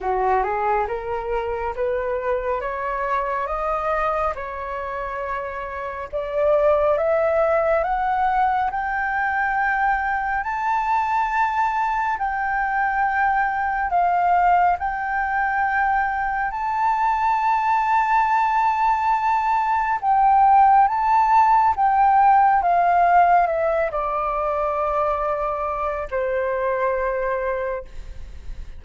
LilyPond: \new Staff \with { instrumentName = "flute" } { \time 4/4 \tempo 4 = 69 fis'8 gis'8 ais'4 b'4 cis''4 | dis''4 cis''2 d''4 | e''4 fis''4 g''2 | a''2 g''2 |
f''4 g''2 a''4~ | a''2. g''4 | a''4 g''4 f''4 e''8 d''8~ | d''2 c''2 | }